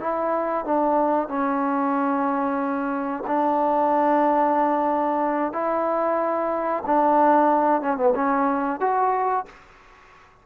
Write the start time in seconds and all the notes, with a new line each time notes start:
0.00 E4
0.65 D4
1.28 C#4
3.27 D4
5.53 E4
6.86 D4
7.81 C#4
7.97 B3
8.15 C#4
8.80 F#4